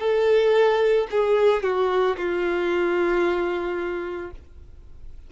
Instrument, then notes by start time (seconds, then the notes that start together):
violin
0.00 A4
1.11 G#4
1.63 F#4
2.17 F4